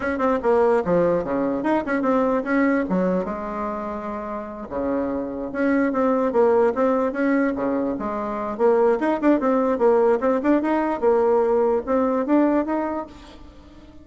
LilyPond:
\new Staff \with { instrumentName = "bassoon" } { \time 4/4 \tempo 4 = 147 cis'8 c'8 ais4 f4 cis4 | dis'8 cis'8 c'4 cis'4 fis4 | gis2.~ gis8 cis8~ | cis4. cis'4 c'4 ais8~ |
ais8 c'4 cis'4 cis4 gis8~ | gis4 ais4 dis'8 d'8 c'4 | ais4 c'8 d'8 dis'4 ais4~ | ais4 c'4 d'4 dis'4 | }